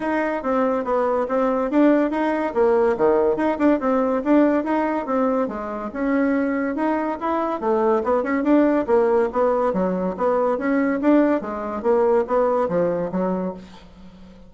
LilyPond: \new Staff \with { instrumentName = "bassoon" } { \time 4/4 \tempo 4 = 142 dis'4 c'4 b4 c'4 | d'4 dis'4 ais4 dis4 | dis'8 d'8 c'4 d'4 dis'4 | c'4 gis4 cis'2 |
dis'4 e'4 a4 b8 cis'8 | d'4 ais4 b4 fis4 | b4 cis'4 d'4 gis4 | ais4 b4 f4 fis4 | }